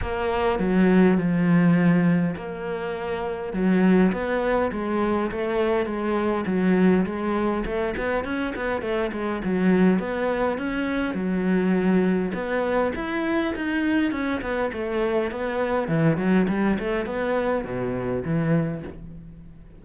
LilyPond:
\new Staff \with { instrumentName = "cello" } { \time 4/4 \tempo 4 = 102 ais4 fis4 f2 | ais2 fis4 b4 | gis4 a4 gis4 fis4 | gis4 a8 b8 cis'8 b8 a8 gis8 |
fis4 b4 cis'4 fis4~ | fis4 b4 e'4 dis'4 | cis'8 b8 a4 b4 e8 fis8 | g8 a8 b4 b,4 e4 | }